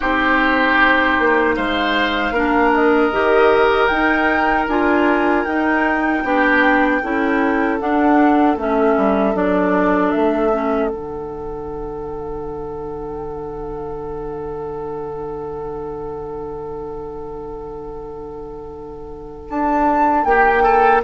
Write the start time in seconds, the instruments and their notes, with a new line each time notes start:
0.00 bassoon C4, clarinet D#4, oboe G4, flute C5
1.18 bassoon A#3
1.55 bassoon G#3, oboe C5, flute F5
2.31 bassoon A#3, clarinet D4, oboe A#4
2.73 flute D#5
3.12 bassoon D#3, clarinet G4
3.87 bassoon D#4, clarinet D#4, flute G5
4.67 bassoon D4, clarinet F4, flute G#5
5.44 bassoon D#4, clarinet D#4, flute G5
6.23 bassoon B3, clarinet D4, oboe G4
7.01 bassoon C#4, clarinet E4, oboe A4
7.78 clarinet D4, bassoon D4, flute F#5
8.56 bassoon A3, clarinet C#4, flute E5
8.96 bassoon G3
9.34 bassoon F#3, clarinet D4, flute D5
10.10 bassoon A3, flute E5
10.52 clarinet C#4
10.88 bassoon D3, clarinet D4, flute F#5
19.49 bassoon D4, flute A5
20.24 bassoon A#3, oboe G4, flute G5
20.62 oboe A4